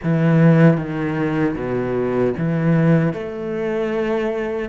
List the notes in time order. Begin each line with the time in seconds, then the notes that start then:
0.03 E3
0.77 D#3
1.55 B2
2.37 E3
3.13 A3